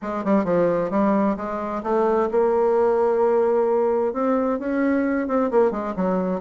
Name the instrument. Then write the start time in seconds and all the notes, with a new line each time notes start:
bassoon
0.02 G#3
0.24 G3
0.44 F3
0.90 G3
1.36 G#3
1.83 A3
2.31 A#3
4.13 C4
4.59 C#4
5.27 C4
5.51 A#3
5.71 G#3
5.96 F#3